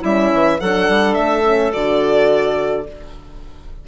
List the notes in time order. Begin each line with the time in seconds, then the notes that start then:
0.00 G3 C#4 E4 E5
0.33 E3
0.60 F#3 D4 A4 F#5
0.89 G3
1.14 A3 E5
1.44 C#4
1.73 D3 F#4 D5